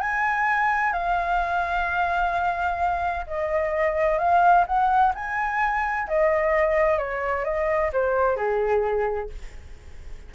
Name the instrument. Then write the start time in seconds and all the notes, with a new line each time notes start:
flute
0.00 G#5
0.93 F5
3.27 D#5
4.18 F5
4.67 F#5
5.15 G#5
6.08 D#5
6.98 C#5
7.44 D#5
7.93 C5
8.36 G#4